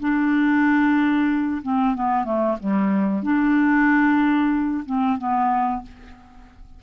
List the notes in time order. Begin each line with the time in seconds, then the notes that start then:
0.00 D4
1.62 C4
1.94 B3
2.24 A3
2.60 G3
3.23 D4
4.86 C4
5.18 B3